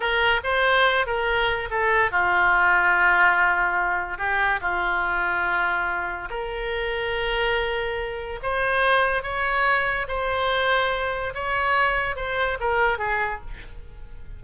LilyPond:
\new Staff \with { instrumentName = "oboe" } { \time 4/4 \tempo 4 = 143 ais'4 c''4. ais'4. | a'4 f'2.~ | f'2 g'4 f'4~ | f'2. ais'4~ |
ais'1 | c''2 cis''2 | c''2. cis''4~ | cis''4 c''4 ais'4 gis'4 | }